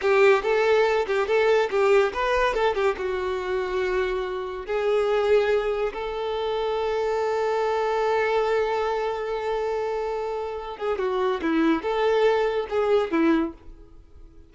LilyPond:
\new Staff \with { instrumentName = "violin" } { \time 4/4 \tempo 4 = 142 g'4 a'4. g'8 a'4 | g'4 b'4 a'8 g'8 fis'4~ | fis'2. gis'4~ | gis'2 a'2~ |
a'1~ | a'1~ | a'4. gis'8 fis'4 e'4 | a'2 gis'4 e'4 | }